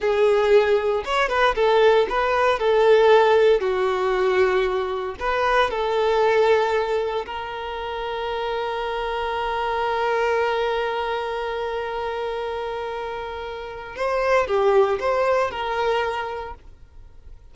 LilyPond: \new Staff \with { instrumentName = "violin" } { \time 4/4 \tempo 4 = 116 gis'2 cis''8 b'8 a'4 | b'4 a'2 fis'4~ | fis'2 b'4 a'4~ | a'2 ais'2~ |
ais'1~ | ais'1~ | ais'2. c''4 | g'4 c''4 ais'2 | }